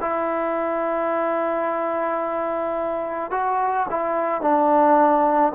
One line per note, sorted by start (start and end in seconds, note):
0.00 3.31 E4
3.31 3.86 F#4
3.90 4.41 E4
4.41 5.52 D4